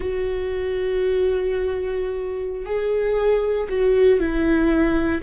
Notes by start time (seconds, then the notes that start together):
0.00 F#4
2.65 G#4
3.69 F#4
4.19 E4